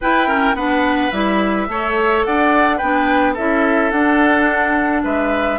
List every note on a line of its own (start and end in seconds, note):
0.01 0.27 E4
0.01 0.54 E4
0.01 0.27 B4
0.01 0.55 G5
0.27 0.55 C#4
0.27 0.55 A#4
0.54 1.10 B3
0.54 1.12 D4
0.54 1.67 B4
0.54 1.11 F#5
1.11 1.68 G3
1.11 1.68 E4
1.11 2.23 E5
1.68 2.24 A3
1.68 2.80 A4
1.68 2.26 C#5
2.24 2.81 D4
2.24 2.76 D5
2.24 2.77 F#5
2.76 3.37 B3
2.76 3.37 D4
2.76 3.32 B4
2.76 3.34 G5
3.33 3.91 C#4
3.33 3.93 E4
3.33 5.01 A4
3.33 3.91 E5
3.91 5.03 D4
3.91 5.59 D4
3.91 5.03 F#5
5.03 5.59 G#3
5.03 5.59 B4
5.03 5.59 E5